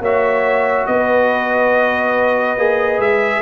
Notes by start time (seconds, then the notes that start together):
0.00 A#3 F#4 C#5 E5
0.87 B3 B4 D#5
2.57 A#3 G#4
2.98 G#3 E5